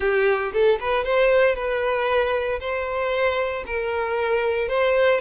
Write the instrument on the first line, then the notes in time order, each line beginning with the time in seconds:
violin
0.00 G4
0.53 A4
0.79 B4
1.04 C5
1.55 B4
2.59 C5
3.66 A#4
4.68 C5